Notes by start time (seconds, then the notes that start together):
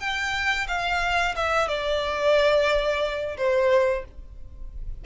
0.00 G5
0.68 F5
1.36 E5
1.69 D5
3.38 C5